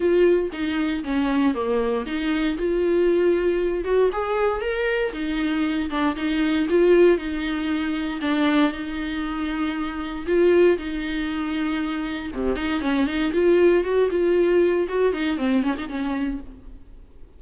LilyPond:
\new Staff \with { instrumentName = "viola" } { \time 4/4 \tempo 4 = 117 f'4 dis'4 cis'4 ais4 | dis'4 f'2~ f'8 fis'8 | gis'4 ais'4 dis'4. d'8 | dis'4 f'4 dis'2 |
d'4 dis'2. | f'4 dis'2. | c8 dis'8 cis'8 dis'8 f'4 fis'8 f'8~ | f'4 fis'8 dis'8 c'8 cis'16 dis'16 cis'4 | }